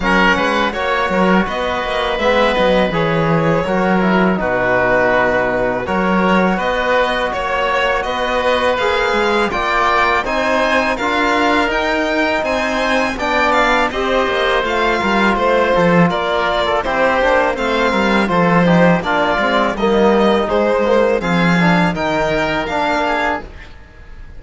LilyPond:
<<
  \new Staff \with { instrumentName = "violin" } { \time 4/4 \tempo 4 = 82 fis''4 cis''4 dis''4 e''8 dis''8 | cis''2 b'2 | cis''4 dis''4 cis''4 dis''4 | f''4 g''4 gis''4 f''4 |
g''4 gis''4 g''8 f''8 dis''4 | f''4 c''4 d''4 c''4 | f''4 c''4 d''4 dis''4 | c''4 f''4 g''4 f''4 | }
  \new Staff \with { instrumentName = "oboe" } { \time 4/4 ais'8 b'8 cis''8 ais'8 b'2~ | b'4 ais'4 fis'2 | ais'4 b'4 cis''4 b'4~ | b'4 d''4 c''4 ais'4~ |
ais'4 c''4 d''4 c''4~ | c''8 ais'8 c''8 a'8 ais'8. a'16 g'4 | c''8 ais'8 a'8 g'8 f'4 dis'4~ | dis'4 gis'4 ais'4. gis'8 | }
  \new Staff \with { instrumentName = "trombone" } { \time 4/4 cis'4 fis'2 b4 | gis'4 fis'8 e'8 dis'2 | fis'1 | gis'4 f'4 dis'4 f'4 |
dis'2 d'4 g'4 | f'2. e'8 d'8 | c'4 f'8 dis'8 d'8 c'8 ais4 | gis8 ais8 c'8 d'8 dis'4 d'4 | }
  \new Staff \with { instrumentName = "cello" } { \time 4/4 fis8 gis8 ais8 fis8 b8 ais8 gis8 fis8 | e4 fis4 b,2 | fis4 b4 ais4 b4 | ais8 gis8 ais4 c'4 d'4 |
dis'4 c'4 b4 c'8 ais8 | a8 g8 a8 f8 ais4 c'8 ais8 | a8 g8 f4 ais8 gis8 g4 | gis4 f4 dis4 ais4 | }
>>